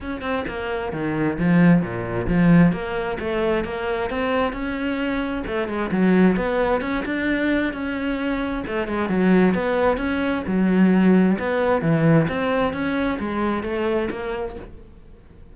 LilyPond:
\new Staff \with { instrumentName = "cello" } { \time 4/4 \tempo 4 = 132 cis'8 c'8 ais4 dis4 f4 | ais,4 f4 ais4 a4 | ais4 c'4 cis'2 | a8 gis8 fis4 b4 cis'8 d'8~ |
d'4 cis'2 a8 gis8 | fis4 b4 cis'4 fis4~ | fis4 b4 e4 c'4 | cis'4 gis4 a4 ais4 | }